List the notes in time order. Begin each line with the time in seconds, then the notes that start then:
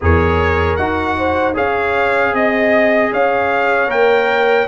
0.01 E2 G#4 A#4 C#5
0.76 D#4 F#4 F#5
1.18 C5
1.54 C#4 G#4 C#5 F5
2.32 C4 D#5
3.12 C#4 C#5 F5
3.87 A#3 A#4 G5